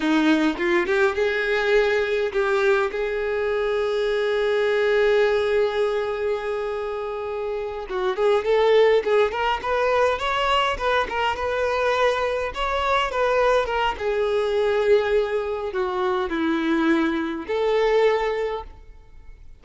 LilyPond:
\new Staff \with { instrumentName = "violin" } { \time 4/4 \tempo 4 = 103 dis'4 f'8 g'8 gis'2 | g'4 gis'2.~ | gis'1~ | gis'4. fis'8 gis'8 a'4 gis'8 |
ais'8 b'4 cis''4 b'8 ais'8 b'8~ | b'4. cis''4 b'4 ais'8 | gis'2. fis'4 | e'2 a'2 | }